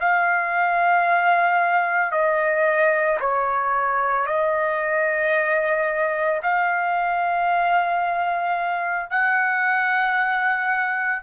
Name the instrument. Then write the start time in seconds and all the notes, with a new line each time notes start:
trumpet
0.00 F5
2.12 D#5
3.20 C#5
4.27 D#5
6.43 F5
9.10 F#5